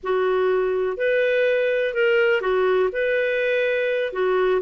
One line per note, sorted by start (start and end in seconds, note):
0.03 0.97 F#4
0.97 1.94 B4
1.94 2.41 A#4
2.41 2.89 F#4
2.92 4.13 B4
4.13 4.61 F#4